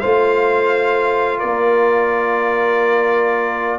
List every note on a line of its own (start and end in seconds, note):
0.00 1.42 A3
0.00 3.78 F4
0.00 1.38 C5
0.00 1.38 F5
1.38 3.78 A#3
1.38 3.78 A#4
1.38 3.78 D5